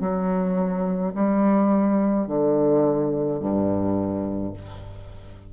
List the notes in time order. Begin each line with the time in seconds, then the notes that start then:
0.00 F#3
1.14 G3
2.26 D3
3.40 G2